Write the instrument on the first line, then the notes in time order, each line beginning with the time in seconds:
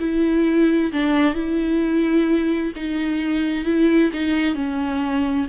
viola
0.00 E4
0.93 D4
1.35 E4
2.76 D#4
3.65 E4
4.13 D#4
4.55 C#4